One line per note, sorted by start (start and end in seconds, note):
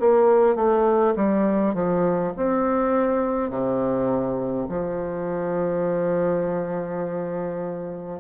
0.00 0.56 A#3
0.56 1.14 A3
1.16 1.74 G3
1.74 2.33 F3
2.36 3.50 C4
3.50 4.68 C3
4.68 8.20 F3